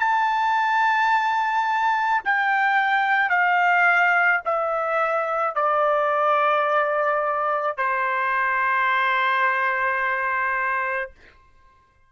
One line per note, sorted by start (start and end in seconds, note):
0.00 2.22 A5
2.25 3.30 G5
3.30 4.41 F5
4.45 5.56 E5
5.56 7.77 D5
7.77 11.11 C5